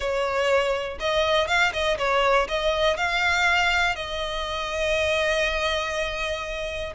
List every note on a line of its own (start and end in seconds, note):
0.00 0.98 C#5
0.99 1.47 D#5
1.47 1.72 F5
1.72 1.97 D#5
1.97 2.47 C#5
2.48 2.96 D#5
2.96 3.95 F5
3.95 6.93 D#5